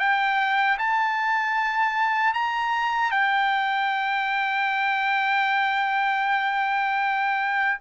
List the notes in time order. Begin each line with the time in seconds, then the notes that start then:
0.00 G5
0.79 A5
2.34 A#5
3.11 G5